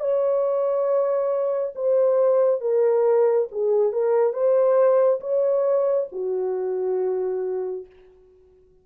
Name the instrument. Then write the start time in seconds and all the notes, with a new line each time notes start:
horn
0.00 C#5
1.75 C5
2.61 A#4
3.51 G#4
3.92 A#4
4.33 C5
5.21 C#5
6.12 F#4